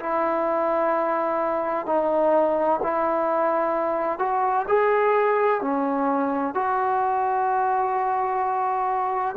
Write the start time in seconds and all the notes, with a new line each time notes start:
0.00 E4
1.87 D#4
2.83 E4
4.19 F#4
4.68 G#4
5.62 C#4
6.55 F#4